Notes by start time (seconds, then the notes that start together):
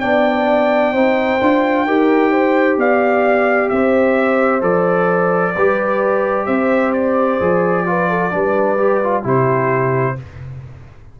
0.00 B3 D4 D5 G5
0.93 C4 D#4 C5
1.41 D4 F4
1.85 D#4 G4 A#4
2.32 C5
2.77 B3 D5 F5
3.69 C4 C5 E5
4.61 F3 A4 D5
5.55 G3 G4 B4
6.46 C4 C5 E5
6.93 D5
7.40 F3 G#4
7.86 F4 B4
8.09 A4
8.31 G3 D4 B4
8.77 G4
9.03 F4
9.23 C3 E4 G4 C5